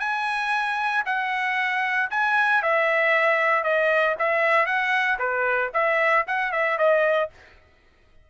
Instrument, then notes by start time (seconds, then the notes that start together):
trumpet
0.00 G#5
1.06 F#5
2.11 G#5
2.63 E5
3.64 D#5
4.19 E5
4.66 F#5
5.19 B4
5.74 E5
6.27 F#5
6.52 E5
6.78 D#5